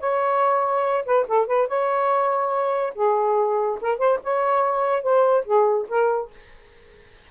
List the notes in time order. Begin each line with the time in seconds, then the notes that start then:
0.00 C#5
1.05 B4
1.28 A4
1.47 B4
1.68 C#5
2.95 G#4
3.81 A#4
3.98 C5
4.24 C#5
5.03 C5
5.45 G#4
5.89 A#4